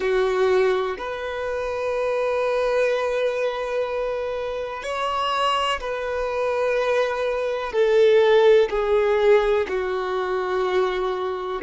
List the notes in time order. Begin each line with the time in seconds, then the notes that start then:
0.00 F#4
0.98 B4
4.83 C#5
5.80 B4
7.72 A4
8.70 G#4
9.68 F#4